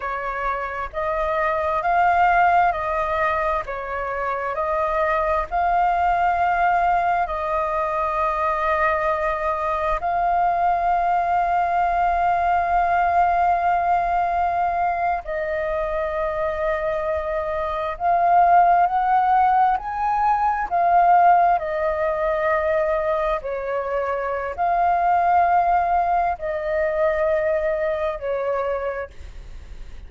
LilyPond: \new Staff \with { instrumentName = "flute" } { \time 4/4 \tempo 4 = 66 cis''4 dis''4 f''4 dis''4 | cis''4 dis''4 f''2 | dis''2. f''4~ | f''1~ |
f''8. dis''2. f''16~ | f''8. fis''4 gis''4 f''4 dis''16~ | dis''4.~ dis''16 cis''4~ cis''16 f''4~ | f''4 dis''2 cis''4 | }